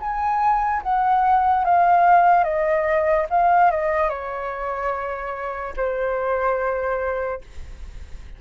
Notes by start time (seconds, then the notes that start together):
0.00 G#5
0.82 F#5
1.64 F5
2.44 D#5
3.30 F5
3.71 D#5
4.09 C#5
5.76 C5